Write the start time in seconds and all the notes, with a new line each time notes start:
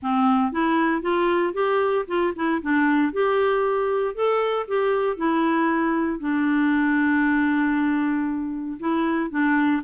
0.02 C4
0.51 E4
1.01 F4
1.53 G4
2.07 F4
2.35 E4
2.61 D4
3.12 G4
4.14 A4
4.67 G4
5.17 E4
6.19 D4
8.79 E4
9.30 D4